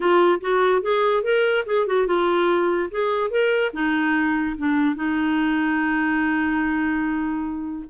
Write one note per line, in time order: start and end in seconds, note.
0.00 0.40 F4
0.40 0.82 F#4
0.82 1.23 G#4
1.23 1.64 A#4
1.66 1.86 G#4
1.86 2.06 F#4
2.06 2.89 F4
2.90 3.30 G#4
3.30 3.71 A#4
3.73 4.55 D#4
4.57 4.95 D4
4.95 7.85 D#4